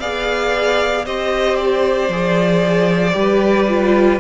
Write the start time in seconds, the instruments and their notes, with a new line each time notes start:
0.00 cello B3, viola G#4, violin D5 F5
1.06 cello C4, viola G4, violin C5 D#5
1.56 violin D5
2.09 cello F3, viola G#4
3.13 cello G3, viola G4, violin B4
3.68 viola F4